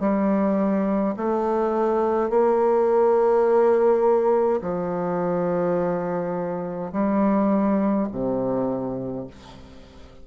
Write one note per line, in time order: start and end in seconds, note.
0.00 1.15 G3
1.17 2.30 A3
2.30 4.61 A#3
4.62 6.92 F3
6.93 8.08 G3
8.12 9.27 C3